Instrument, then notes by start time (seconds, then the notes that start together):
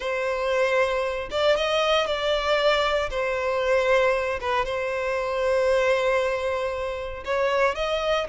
violin
0.00 C5
1.30 D5
1.56 D#5
2.06 D5
3.10 C5
4.40 B4
4.65 C5
7.24 C#5
7.75 D#5